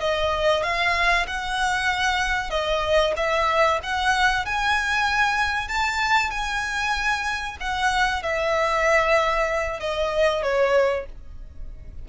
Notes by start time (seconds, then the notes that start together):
0.00 D#5
0.63 F5
1.27 F#5
2.50 D#5
3.16 E5
3.83 F#5
4.45 G#5
5.68 A5
6.30 G#5
7.60 F#5
8.22 E5
9.80 D#5
10.42 C#5